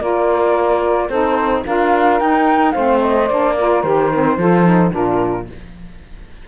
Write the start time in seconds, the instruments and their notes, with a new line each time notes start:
0.00 cello A#3, saxophone F4 A#4, flute D5
1.08 cello C4, saxophone D#4 A4, flute C5
1.66 cello D4, saxophone F4 A#4, flute F5
2.20 saxophone D#4, cello D#4, flute G5
2.71 cello A3, saxophone C4 C5, flute F5
3.01 flute D#5
3.28 cello A#3, saxophone D4, flute D5
3.57 saxophone F4 A#4
3.82 cello D#3, saxophone G4, flute C5
4.14 saxophone C4
4.37 cello F3, saxophone F4 A4
4.65 saxophone D#4
4.91 cello A#2, saxophone D4 F4, flute A#4